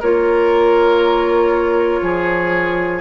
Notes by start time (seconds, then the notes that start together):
0.00 A#3 F4 A#4 C#5
2.02 F3 G#4